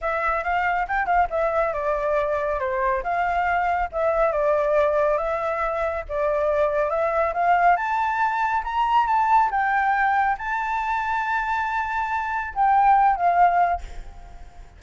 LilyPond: \new Staff \with { instrumentName = "flute" } { \time 4/4 \tempo 4 = 139 e''4 f''4 g''8 f''8 e''4 | d''2 c''4 f''4~ | f''4 e''4 d''2 | e''2 d''2 |
e''4 f''4 a''2 | ais''4 a''4 g''2 | a''1~ | a''4 g''4. f''4. | }